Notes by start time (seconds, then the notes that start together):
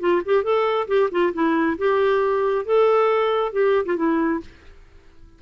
0.00 F4
0.25 G4
0.43 A4
0.87 G4
1.11 F4
1.33 E4
1.78 G4
2.65 A4
3.52 G4
3.85 F4
3.96 E4